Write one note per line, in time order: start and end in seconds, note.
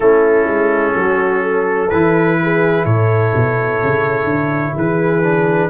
0.00 0.46 A3
0.00 1.91 C#4
0.00 0.95 E4
0.00 1.89 A4
0.46 0.94 G#3
0.95 1.90 F#3
0.95 1.42 F#4
1.42 2.38 A4
1.89 2.85 E3
1.89 5.22 E4
1.89 2.85 B4
2.42 2.84 G#4
2.84 3.33 A2
2.84 4.74 A4
2.84 4.75 C#5
3.34 3.82 B2
3.83 4.24 C#3
4.24 4.72 D3
4.75 5.69 E3
4.75 5.69 G#4
4.75 5.69 B4
5.22 5.69 D4